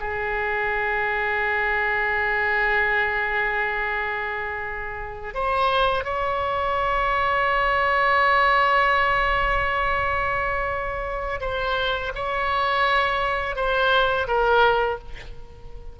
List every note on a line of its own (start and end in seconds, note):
0.00 5.35 G#4
5.35 6.05 C5
6.05 11.40 C#5
11.41 12.12 C5
12.15 13.56 C#5
13.56 14.27 C5
14.28 14.99 A#4